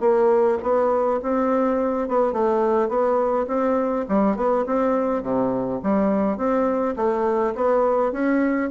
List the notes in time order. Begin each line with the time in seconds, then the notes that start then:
0.00 A#3
0.62 B3
1.22 C4
2.08 B3
2.33 A3
2.88 B3
3.47 C4
4.08 G3
4.36 B3
4.66 C4
5.23 C3
5.83 G3
6.37 C4
6.96 A3
7.55 B3
8.12 C#4